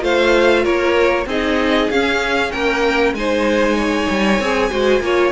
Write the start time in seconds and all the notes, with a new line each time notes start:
0.00 A3 F4 C5 F5
0.63 A#3 A#4 C#5
1.26 C4 D#4 G#4 D#5
1.90 C#4 F5
2.51 A#3 A#4 G5
3.13 G#3 D#4 C5 G#5
3.76 C#5
4.10 G3
4.39 C4 G#4
4.70 G#3 F#4 C5
5.00 A#3 F4 C#5